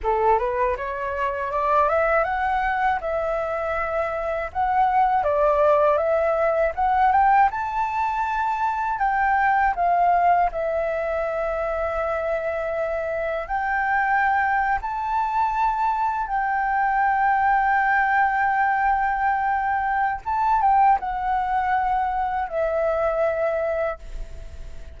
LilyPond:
\new Staff \with { instrumentName = "flute" } { \time 4/4 \tempo 4 = 80 a'8 b'8 cis''4 d''8 e''8 fis''4 | e''2 fis''4 d''4 | e''4 fis''8 g''8 a''2 | g''4 f''4 e''2~ |
e''2 g''4.~ g''16 a''16~ | a''4.~ a''16 g''2~ g''16~ | g''2. a''8 g''8 | fis''2 e''2 | }